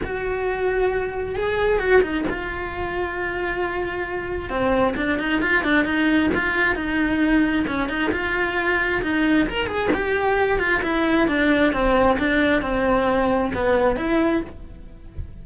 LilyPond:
\new Staff \with { instrumentName = "cello" } { \time 4/4 \tempo 4 = 133 fis'2. gis'4 | fis'8 dis'8 f'2.~ | f'2 c'4 d'8 dis'8 | f'8 d'8 dis'4 f'4 dis'4~ |
dis'4 cis'8 dis'8 f'2 | dis'4 ais'8 gis'8 g'4. f'8 | e'4 d'4 c'4 d'4 | c'2 b4 e'4 | }